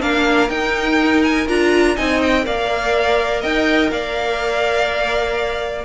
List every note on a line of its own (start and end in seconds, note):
0.00 0.49 A#3
0.00 0.49 D4
0.00 1.95 A#4
0.00 0.50 F5
0.49 1.47 D#4
0.49 1.23 G5
1.23 1.48 G#5
1.48 1.97 D4
1.48 1.96 F4
1.48 1.97 A#5
1.95 2.46 C4
1.95 2.44 D#4
1.95 2.44 D#5
1.95 2.21 G#5
2.22 2.46 G5
2.44 3.44 A#3
2.44 5.85 A#4
2.44 3.41 D5
2.44 3.43 F5
3.41 3.91 D#4
3.41 3.89 D#5
3.41 3.91 G5
3.91 5.85 A#3
3.91 5.85 D5
3.91 5.85 F5